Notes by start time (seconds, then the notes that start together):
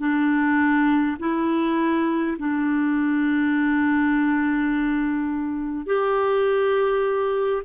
0.00 D4
1.20 E4
2.39 D4
5.87 G4